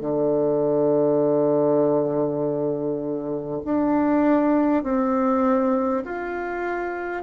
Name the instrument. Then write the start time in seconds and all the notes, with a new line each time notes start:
bassoon
0.00 D3
3.65 D4
4.83 C4
6.04 F4